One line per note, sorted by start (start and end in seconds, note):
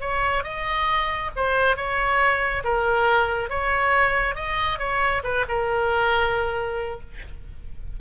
0.00 0.43 C#5
0.43 1.30 D#5
1.36 1.76 C5
1.76 2.63 C#5
2.64 3.49 A#4
3.49 4.35 C#5
4.35 4.78 D#5
4.78 5.22 C#5
5.23 5.45 B4
5.48 7.00 A#4